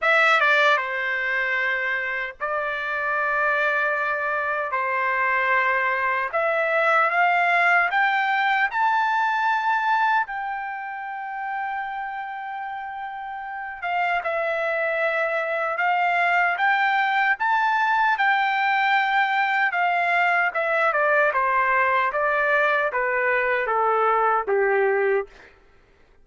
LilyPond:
\new Staff \with { instrumentName = "trumpet" } { \time 4/4 \tempo 4 = 76 e''8 d''8 c''2 d''4~ | d''2 c''2 | e''4 f''4 g''4 a''4~ | a''4 g''2.~ |
g''4. f''8 e''2 | f''4 g''4 a''4 g''4~ | g''4 f''4 e''8 d''8 c''4 | d''4 b'4 a'4 g'4 | }